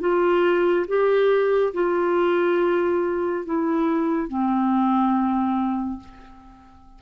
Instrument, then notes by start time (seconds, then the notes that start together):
clarinet
0.00 F4
0.87 G4
1.74 F4
3.45 E4
4.28 C4